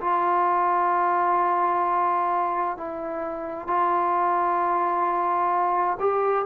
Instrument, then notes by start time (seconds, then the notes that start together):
trombone
0.00 F4
2.77 E4
3.67 F4
5.99 G4